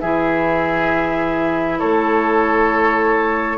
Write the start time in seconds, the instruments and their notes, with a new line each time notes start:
0.00 bassoon E3, clarinet E4, oboe G#4, flute E5
1.79 bassoon A3, oboe A4, flute C#5